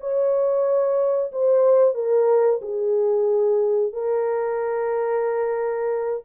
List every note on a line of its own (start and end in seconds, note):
0.00 1.32 C#5
1.32 1.95 C5
1.95 2.60 A#4
2.62 3.93 G#4
3.93 6.24 A#4